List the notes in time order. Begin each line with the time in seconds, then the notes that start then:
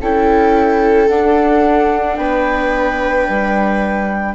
0.00 C#4 E4 A4 G5
1.08 D4 F#5
2.17 B3 B4 G5
3.28 G3